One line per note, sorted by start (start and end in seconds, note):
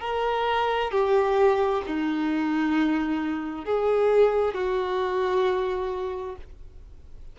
0.00 0.91 A#4
0.91 1.82 G4
1.86 3.65 D#4
3.65 4.54 G#4
4.54 6.36 F#4